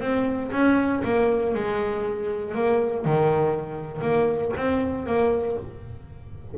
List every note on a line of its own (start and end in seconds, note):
0.00 0.50 C4
0.52 1.02 C#4
1.04 1.54 A#3
1.55 2.55 G#3
2.55 3.05 A#3
3.05 4.02 D#3
4.02 4.52 A#3
4.57 5.06 C4
5.06 5.56 A#3